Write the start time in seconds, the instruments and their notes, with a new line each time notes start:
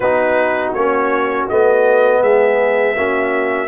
0.00 tuba B3, trombone D#4, horn F#4, trumpet B4
0.73 tuba A#3, trombone C#4, trumpet C#5
1.48 tuba A3, trombone B3, trumpet D#5
2.21 tuba G#3, horn G#4, trumpet E5
2.96 tuba A#3, trombone C#4, horn F#4